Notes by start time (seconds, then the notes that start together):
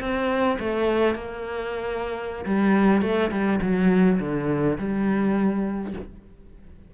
0.00 C4
0.59 A3
1.15 A#3
2.45 G3
3.02 A3
3.31 G3
3.62 F#3
4.20 D3
4.78 G3